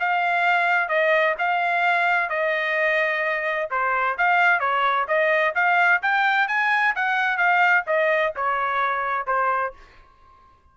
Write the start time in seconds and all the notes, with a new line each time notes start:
0.00 F5
0.88 D#5
1.38 F5
2.30 D#5
3.70 C5
4.18 F5
4.60 C#5
5.08 D#5
5.55 F5
6.02 G5
6.48 G#5
6.95 F#5
7.37 F5
7.87 D#5
8.36 C#5
9.27 C5